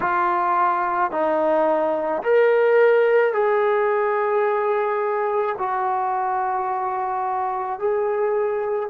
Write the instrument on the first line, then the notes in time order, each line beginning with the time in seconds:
trombone
0.00 F4
1.11 D#4
2.22 A#4
3.33 G#4
5.58 F#4
7.79 G#4